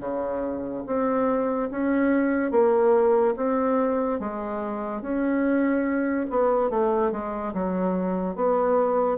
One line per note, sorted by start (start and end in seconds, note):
0.00 0.83 C#3
0.86 1.70 C4
1.71 2.51 C#4
2.51 3.34 A#3
3.36 4.20 C4
4.20 5.02 G#3
5.02 6.27 C#4
6.30 6.70 B3
6.70 7.11 A3
7.11 7.53 G#3
7.54 8.36 F#3
8.36 9.17 B3